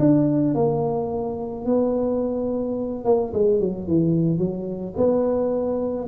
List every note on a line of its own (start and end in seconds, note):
0.00 0.55 D4
0.55 1.66 A#3
1.66 3.05 B3
3.05 3.33 A#3
3.34 3.60 G#3
3.60 3.88 F#3
3.88 4.38 E3
4.38 4.94 F#3
4.97 6.08 B3